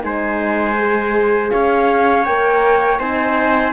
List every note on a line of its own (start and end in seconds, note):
0.00 1.51 G#3
0.00 0.74 D#4
0.00 1.52 C5
0.00 1.50 G#5
0.78 2.26 G#4
1.50 2.27 C#4
1.50 2.99 C#5
1.50 2.24 F5
2.24 2.99 A#3
2.24 2.99 A#4
2.24 2.98 G5
2.99 3.72 C4
2.99 3.72 D#4
2.99 3.72 C5
2.99 3.72 G#5